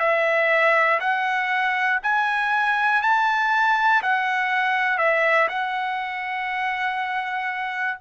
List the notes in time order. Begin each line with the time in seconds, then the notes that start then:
0.00 E5
1.00 F#5
2.03 G#5
3.02 A5
4.03 F#5
4.99 E5
5.49 F#5